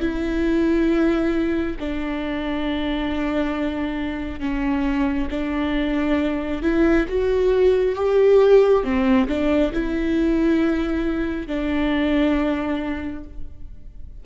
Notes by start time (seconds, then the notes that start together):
0.00 E4
1.80 D4
4.40 C#4
5.31 D4
6.62 E4
7.08 F#4
7.96 G4
8.84 C4
9.28 D4
9.73 E4
11.47 D4